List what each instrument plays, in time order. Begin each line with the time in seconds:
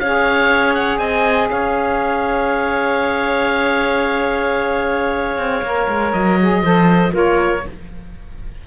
0.00 cello C#4, saxophone G#4, clarinet C#5, oboe F5
0.74 oboe F#5
0.98 cello C4, clarinet D#5, oboe G#5
1.50 cello C#4, clarinet C#5, oboe F5
5.37 cello C4
5.62 cello A#3, saxophone A#4
5.88 cello G#3
6.13 cello F#3, oboe D#5
6.41 saxophone G#4
6.62 cello F3, saxophone A4, clarinet C5
7.11 cello A#3, saxophone F4, clarinet A#4, oboe C#5